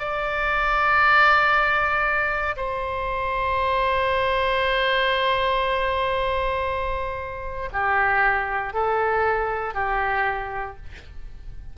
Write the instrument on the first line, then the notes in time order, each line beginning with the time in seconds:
oboe
0.00 D5
2.57 C5
7.73 G4
8.74 A4
9.75 G4